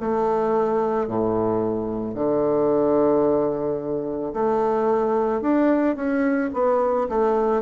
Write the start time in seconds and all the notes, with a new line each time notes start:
0.00 A3
1.07 A2
2.15 D3
4.33 A3
5.41 D4
5.96 C#4
6.53 B3
7.09 A3